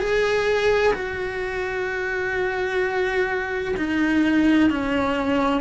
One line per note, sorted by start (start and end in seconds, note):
0.00 0.94 G#4
0.94 3.75 F#4
3.78 4.70 D#4
4.70 5.62 C#4